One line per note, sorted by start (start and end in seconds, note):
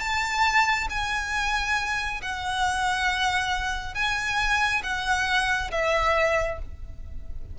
0.00 0.88 A5
0.90 2.21 G#5
2.22 3.95 F#5
3.95 4.82 G#5
4.83 5.71 F#5
5.71 6.59 E5